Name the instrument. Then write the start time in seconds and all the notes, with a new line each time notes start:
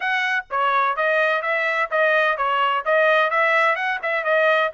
trumpet
0.00 F#5
0.50 C#5
0.96 D#5
1.42 E5
1.90 D#5
2.37 C#5
2.85 D#5
3.30 E5
3.75 F#5
4.02 E5
4.24 D#5